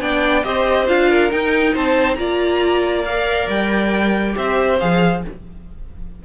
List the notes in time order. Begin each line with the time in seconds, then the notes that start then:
0.00 B3 D4 D5 G5
0.43 C4 G4 C5 D#5
0.87 D4 F4 F5
1.09 A#4
1.30 D#4 G5
1.73 C4 C5 A5
2.15 A#3 F4 D5 A#5
3.05 A#4 F5
3.47 G3 G5
4.33 C4 G4 C5 E5
4.79 F3 G#4 F5